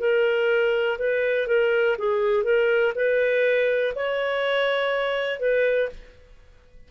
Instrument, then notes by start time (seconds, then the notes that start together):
clarinet
0.00 A#4
0.99 B4
1.48 A#4
1.98 G#4
2.44 A#4
2.96 B4
3.95 C#5
5.40 B4